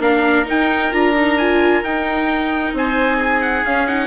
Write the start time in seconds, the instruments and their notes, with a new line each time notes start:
0.00 bassoon A#3, viola D4, oboe A#4, trumpet F5
0.46 viola D#4, bassoon D#4, trumpet G5
0.92 bassoon D4, viola F4, trumpet A#5
1.17 viola D#4
1.38 viola F4, trumpet G#5
1.83 bassoon D#4, viola D#4, trumpet G5
2.73 bassoon C4, oboe C5, trumpet G#5
3.18 oboe G#4
3.42 trumpet F#5
3.64 bassoon C#4, viola C#4, trumpet F5
3.87 viola D#4, trumpet F#5